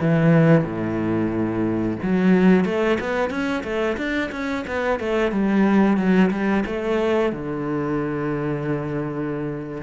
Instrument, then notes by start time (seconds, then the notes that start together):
cello
0.00 E3
0.64 A2
2.02 F#3
2.65 A3
3.00 B3
3.30 C#4
3.63 A3
3.97 D4
4.31 C#4
4.67 B3
4.99 A3
5.32 G3
5.97 F#3
6.31 G3
6.66 A3
7.32 D3